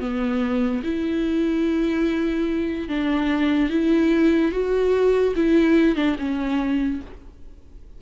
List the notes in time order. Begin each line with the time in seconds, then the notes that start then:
0.00 B3
0.83 E4
2.88 D4
3.70 E4
4.52 F#4
5.36 E4
5.96 D4
6.18 C#4